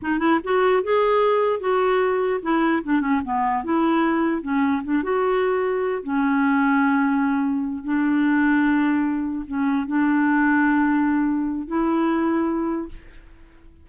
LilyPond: \new Staff \with { instrumentName = "clarinet" } { \time 4/4 \tempo 4 = 149 dis'8 e'8 fis'4 gis'2 | fis'2 e'4 d'8 cis'8 | b4 e'2 cis'4 | d'8 fis'2~ fis'8 cis'4~ |
cis'2.~ cis'8 d'8~ | d'2.~ d'8 cis'8~ | cis'8 d'2.~ d'8~ | d'4 e'2. | }